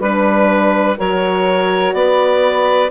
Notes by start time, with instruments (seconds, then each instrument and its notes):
0.00 bassoon G3, horn D4, saxophone B4, clarinet B4
0.97 bassoon F#3, horn F#4, saxophone A#4, clarinet C#5
1.93 bassoon B3, saxophone B4, clarinet D5